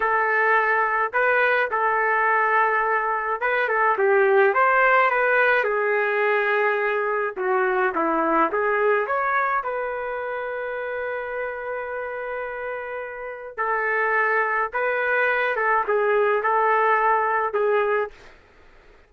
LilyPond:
\new Staff \with { instrumentName = "trumpet" } { \time 4/4 \tempo 4 = 106 a'2 b'4 a'4~ | a'2 b'8 a'8 g'4 | c''4 b'4 gis'2~ | gis'4 fis'4 e'4 gis'4 |
cis''4 b'2.~ | b'1 | a'2 b'4. a'8 | gis'4 a'2 gis'4 | }